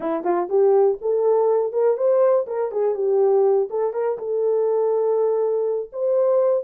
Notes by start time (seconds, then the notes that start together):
0.00 E4
0.23 F4
0.49 G4
1.01 A4
1.72 A#4
1.97 C5
2.47 A#4
2.71 G#4
2.94 G4
3.70 A4
3.93 A#4
4.18 A4
5.92 C5